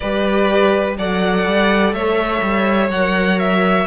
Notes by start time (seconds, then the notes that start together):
0.00 G3 G4 B4 D5
0.97 F#3 A4 D5 F#5
1.46 G3
1.93 A3 C#5 E5
2.42 G3
2.88 F#3 F#5
2.95 A#4
3.39 E5